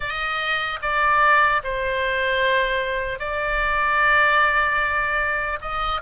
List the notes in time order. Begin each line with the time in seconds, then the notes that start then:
0.00 D#5
0.81 D5
1.63 C5
3.19 D5
5.61 D#5